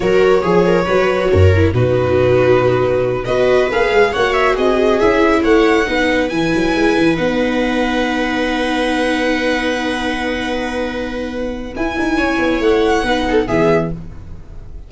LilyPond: <<
  \new Staff \with { instrumentName = "violin" } { \time 4/4 \tempo 4 = 138 cis''1 | b'2.~ b'8 dis''8~ | dis''8 f''4 fis''8 e''8 dis''4 e''8~ | e''8 fis''2 gis''4.~ |
gis''8 fis''2.~ fis''8~ | fis''1~ | fis''2. gis''4~ | gis''4 fis''2 e''4 | }
  \new Staff \with { instrumentName = "viola" } { \time 4/4 ais'4 gis'8 ais'8 b'4 ais'4 | fis'2.~ fis'8 b'8~ | b'4. cis''4 gis'4.~ | gis'8 cis''4 b'2~ b'8~ |
b'1~ | b'1~ | b'1 | cis''2 b'8 a'8 gis'4 | }
  \new Staff \with { instrumentName = "viola" } { \time 4/4 fis'4 gis'4 fis'4. e'8 | dis'2.~ dis'8 fis'8~ | fis'8 gis'4 fis'2 e'8~ | e'4. dis'4 e'4.~ |
e'8 dis'2.~ dis'8~ | dis'1~ | dis'2. e'4~ | e'2 dis'4 b4 | }
  \new Staff \with { instrumentName = "tuba" } { \time 4/4 fis4 f4 fis4 fis,4 | b,2.~ b,8 b8~ | b8 ais8 gis8 ais4 c'4 cis'8~ | cis'8 a4 b4 e8 fis8 gis8 |
e8 b2.~ b8~ | b1~ | b2. e'8 dis'8 | cis'8 b8 a4 b4 e4 | }
>>